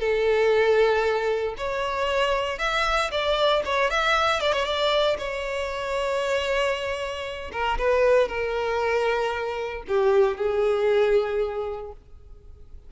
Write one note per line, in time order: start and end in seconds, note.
0.00 1.55 A4
1.58 2.59 C#5
2.59 3.11 E5
3.11 3.63 D5
3.65 3.90 C#5
3.90 4.41 E5
4.41 4.52 D5
4.52 4.65 C#5
4.65 5.17 D5
5.18 7.51 C#5
7.52 7.78 A#4
7.78 8.28 B4
8.28 9.83 A#4
9.88 10.37 G4
10.37 11.92 G#4